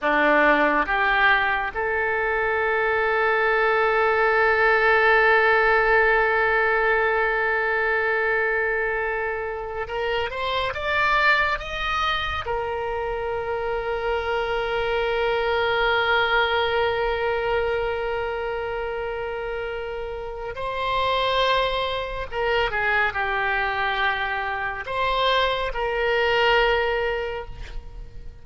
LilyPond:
\new Staff \with { instrumentName = "oboe" } { \time 4/4 \tempo 4 = 70 d'4 g'4 a'2~ | a'1~ | a'2.~ a'8 ais'8 | c''8 d''4 dis''4 ais'4.~ |
ais'1~ | ais'1 | c''2 ais'8 gis'8 g'4~ | g'4 c''4 ais'2 | }